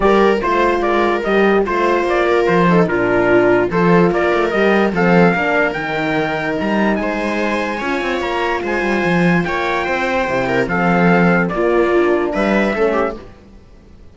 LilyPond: <<
  \new Staff \with { instrumentName = "trumpet" } { \time 4/4 \tempo 4 = 146 d''4 c''4 d''4 dis''4 | c''4 d''4 c''4 ais'4~ | ais'4 c''4 d''4 dis''4 | f''2 g''2 |
ais''4 gis''2. | ais''4 gis''2 g''4~ | g''2 f''2 | d''2 e''2 | }
  \new Staff \with { instrumentName = "viola" } { \time 4/4 ais'4 c''4 ais'2 | c''4. ais'4 a'8 f'4~ | f'4 a'4 ais'2 | a'4 ais'2.~ |
ais'4 c''2 cis''4~ | cis''4 c''2 cis''4 | c''4. ais'8 a'2 | f'2 b'4 a'8 g'8 | }
  \new Staff \with { instrumentName = "horn" } { \time 4/4 g'4 f'2 g'4 | f'2~ f'8 dis'8 d'4~ | d'4 f'2 g'4 | c'4 d'4 dis'2~ |
dis'2. f'4~ | f'1~ | f'4 e'4 c'2 | ais4 d'2 cis'4 | }
  \new Staff \with { instrumentName = "cello" } { \time 4/4 g4 a4 gis4 g4 | a4 ais4 f4 ais,4~ | ais,4 f4 ais8 a8 g4 | f4 ais4 dis2 |
g4 gis2 cis'8 c'8 | ais4 gis8 g8 f4 ais4 | c'4 c4 f2 | ais2 g4 a4 | }
>>